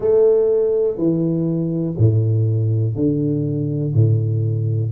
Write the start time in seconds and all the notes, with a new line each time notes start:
0.00 A3
0.97 E3
1.97 A2
2.95 D3
3.93 A2